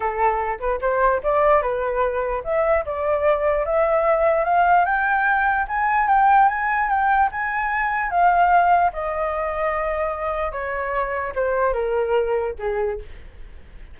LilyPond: \new Staff \with { instrumentName = "flute" } { \time 4/4 \tempo 4 = 148 a'4. b'8 c''4 d''4 | b'2 e''4 d''4~ | d''4 e''2 f''4 | g''2 gis''4 g''4 |
gis''4 g''4 gis''2 | f''2 dis''2~ | dis''2 cis''2 | c''4 ais'2 gis'4 | }